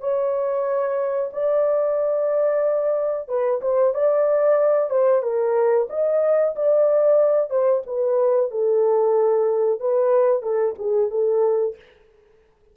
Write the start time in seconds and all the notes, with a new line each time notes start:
0.00 C#5
1.33 D5
3.28 B4
3.61 C5
3.94 D5
4.90 C5
5.22 A#4
5.90 D#5
6.56 D5
7.50 C5
7.86 B4
8.51 A4
9.80 B4
10.42 A4
10.78 G#4
11.10 A4